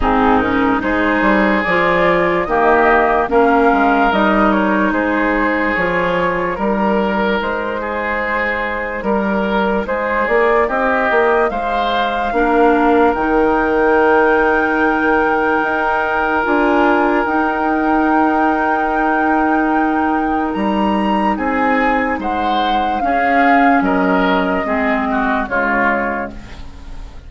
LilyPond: <<
  \new Staff \with { instrumentName = "flute" } { \time 4/4 \tempo 4 = 73 gis'8 ais'8 c''4 d''4 dis''4 | f''4 dis''8 cis''8 c''4 cis''4 | ais'4 c''2 ais'4 | c''8 d''8 dis''4 f''2 |
g''1 | gis''4 g''2.~ | g''4 ais''4 gis''4 fis''4 | f''4 dis''2 cis''4 | }
  \new Staff \with { instrumentName = "oboe" } { \time 4/4 dis'4 gis'2 g'4 | ais'2 gis'2 | ais'4. gis'4. ais'4 | gis'4 g'4 c''4 ais'4~ |
ais'1~ | ais'1~ | ais'2 gis'4 c''4 | gis'4 ais'4 gis'8 fis'8 f'4 | }
  \new Staff \with { instrumentName = "clarinet" } { \time 4/4 c'8 cis'8 dis'4 f'4 ais4 | cis'4 dis'2 f'4 | dis'1~ | dis'2. d'4 |
dis'1 | f'4 dis'2.~ | dis'1 | cis'2 c'4 gis4 | }
  \new Staff \with { instrumentName = "bassoon" } { \time 4/4 gis,4 gis8 g8 f4 dis4 | ais8 gis8 g4 gis4 f4 | g4 gis2 g4 | gis8 ais8 c'8 ais8 gis4 ais4 |
dis2. dis'4 | d'4 dis'2.~ | dis'4 g4 c'4 gis4 | cis'4 fis4 gis4 cis4 | }
>>